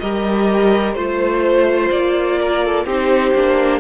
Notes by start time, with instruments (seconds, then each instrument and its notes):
0.00 cello G3, viola G4, violin A#4 D#5
0.94 cello A3, viola F4, violin C5
1.91 cello A#3, violin D5
2.41 violin A#4
2.65 violin A4
2.85 cello C4, viola D#4, violin G4 C5
3.35 cello A#3, viola D4